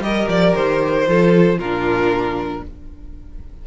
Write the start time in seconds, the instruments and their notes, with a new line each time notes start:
0.00 cello G3, viola G4, violin A#4 D#5
0.28 cello F3, violin D5
0.55 cello D#3, violin C5
1.07 cello F3, viola F4, violin A4
1.58 cello A#2, viola D4, violin F4 A#4